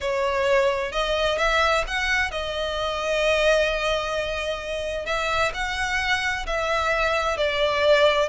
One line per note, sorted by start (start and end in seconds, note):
0.01 0.92 C#5
0.92 1.38 D#5
1.38 1.84 E5
1.87 2.31 F#5
2.31 5.05 D#5
5.05 5.52 E5
5.53 6.46 F#5
6.46 7.37 E5
7.37 8.28 D5